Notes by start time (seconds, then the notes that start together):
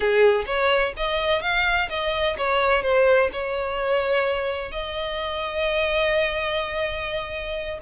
0.00 G#4
0.46 C#5
0.96 D#5
1.41 F5
1.89 D#5
2.37 C#5
2.82 C5
3.32 C#5
4.71 D#5